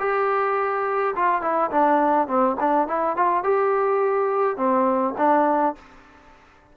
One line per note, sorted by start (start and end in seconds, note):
0.00 1.15 G4
1.16 1.42 F4
1.42 1.71 E4
1.71 2.28 D4
2.28 2.57 C4
2.60 2.88 D4
2.88 3.17 E4
3.17 3.44 F4
3.44 4.57 G4
4.57 5.15 C4
5.18 5.76 D4